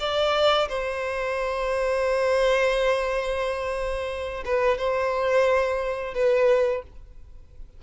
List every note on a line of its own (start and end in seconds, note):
0.00 0.68 D5
0.69 4.44 C5
4.45 4.78 B4
4.78 6.15 C5
6.15 6.83 B4